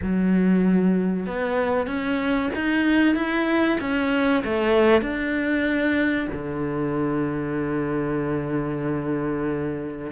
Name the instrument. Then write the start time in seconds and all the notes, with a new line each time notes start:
cello
0.02 F#3
1.26 B3
1.86 C#4
2.54 D#4
3.15 E4
3.80 C#4
4.44 A3
5.01 D4
6.32 D3